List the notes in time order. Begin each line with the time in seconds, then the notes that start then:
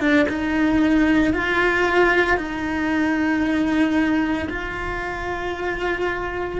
0.00 D4
0.29 D#4
1.33 F4
2.37 D#4
4.49 F4